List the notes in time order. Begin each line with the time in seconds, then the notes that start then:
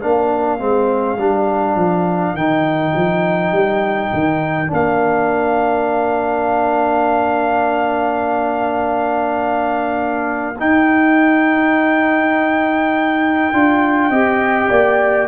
0.00 A#3 D4 A#4 F5
0.59 G#3 C4
1.18 G3 D4
1.76 F3
2.34 D#3 D#4 G5
2.96 F3
3.52 G3
4.13 D#3
4.67 D4
4.73 A#3 F5
10.60 D#4 G5
13.53 D4 F4
14.10 C4 G4 D#5
14.70 A#3 D5